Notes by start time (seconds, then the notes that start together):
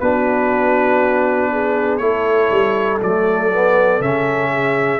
0.00 B3 D4 F#4 B4
1.52 G#4
1.98 A3 E4 A4 C#5
2.51 G3
3.02 F#3 A3 D5
3.52 B3
4.00 C#3 C#4 E5
4.52 G#4